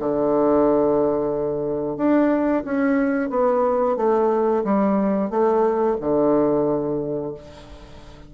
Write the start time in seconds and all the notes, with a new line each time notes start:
0.00 D3
1.97 D4
2.65 C#4
3.30 B3
3.97 A3
4.65 G3
5.31 A3
6.01 D3